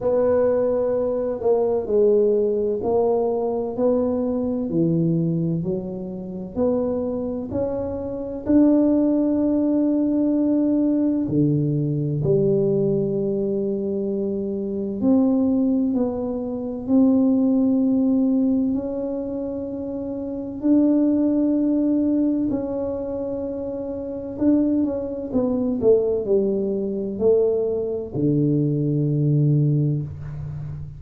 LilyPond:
\new Staff \with { instrumentName = "tuba" } { \time 4/4 \tempo 4 = 64 b4. ais8 gis4 ais4 | b4 e4 fis4 b4 | cis'4 d'2. | d4 g2. |
c'4 b4 c'2 | cis'2 d'2 | cis'2 d'8 cis'8 b8 a8 | g4 a4 d2 | }